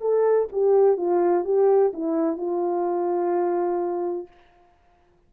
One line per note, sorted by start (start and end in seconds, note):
0.00 0.48 A4
0.52 0.97 G4
0.97 1.44 F4
1.44 1.92 G4
1.93 2.37 E4
2.37 4.27 F4